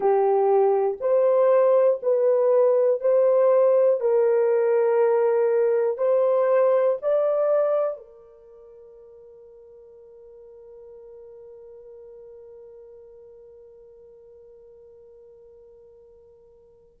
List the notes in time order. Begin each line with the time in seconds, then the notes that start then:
0.00 G4
1.00 C5
2.02 B4
3.00 C5
4.00 A#4
5.97 C5
7.01 D5
7.97 A#4